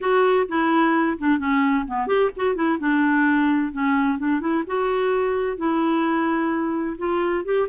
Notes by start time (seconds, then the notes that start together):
0.00 F#4
0.48 E4
1.18 D4
1.38 C#4
1.87 B3
2.07 G4
2.36 F#4
2.55 E4
2.79 D4
3.72 C#4
4.18 D4
4.40 E4
4.66 F#4
5.57 E4
6.98 F4
7.44 G4